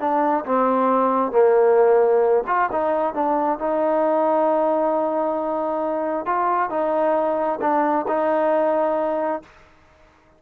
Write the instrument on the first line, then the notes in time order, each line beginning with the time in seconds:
trombone
0.00 D4
0.46 C4
1.32 A#3
2.47 F4
2.72 D#4
3.14 D4
3.59 D#4
6.26 F4
6.70 D#4
7.61 D4
8.08 D#4